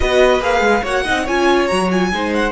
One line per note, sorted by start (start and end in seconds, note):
0.00 0.40 B3
0.00 0.40 F#4
0.00 0.82 B4
0.00 0.41 D#5
0.40 0.60 A#3
0.40 0.83 G#4
0.40 0.85 F5
0.60 0.81 G#3
0.82 1.04 A#3
0.82 1.04 F#4
0.82 1.03 C#5
0.82 1.27 F#5
1.03 1.28 C4
1.03 1.26 D#4
1.03 1.24 D#5
1.24 1.70 C#4
1.24 1.68 F4
1.24 2.09 C#5
1.24 1.67 G#5
1.67 2.12 F#3
1.67 1.90 F#4
1.67 1.88 A#5
1.91 2.12 F4
1.91 2.33 G#5
2.12 2.52 G#3
2.12 2.52 D#4
2.12 2.52 C5
2.34 2.52 F#5